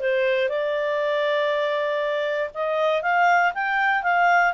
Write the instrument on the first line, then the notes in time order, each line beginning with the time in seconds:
clarinet
0.00 C5
0.49 D5
2.54 D#5
3.02 F5
3.54 G5
4.03 F5